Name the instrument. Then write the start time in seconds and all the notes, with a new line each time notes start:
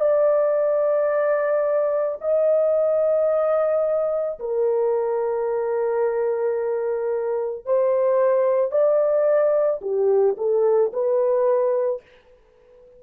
horn
0.00 D5
2.21 D#5
4.39 A#4
7.65 C5
8.71 D5
9.81 G4
10.37 A4
10.92 B4